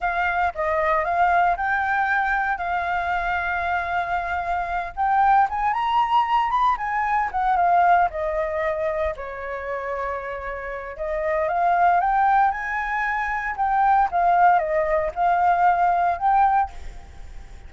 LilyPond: \new Staff \with { instrumentName = "flute" } { \time 4/4 \tempo 4 = 115 f''4 dis''4 f''4 g''4~ | g''4 f''2.~ | f''4. g''4 gis''8 ais''4~ | ais''8 b''8 gis''4 fis''8 f''4 dis''8~ |
dis''4. cis''2~ cis''8~ | cis''4 dis''4 f''4 g''4 | gis''2 g''4 f''4 | dis''4 f''2 g''4 | }